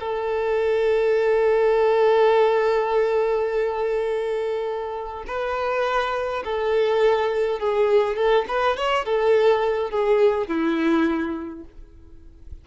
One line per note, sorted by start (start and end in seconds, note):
0.00 5.24 A4
5.27 6.43 B4
6.44 7.60 A4
7.60 8.16 G#4
8.16 8.45 A4
8.48 8.77 B4
8.77 9.05 C#5
9.05 9.91 A4
9.91 10.48 G#4
10.48 11.65 E4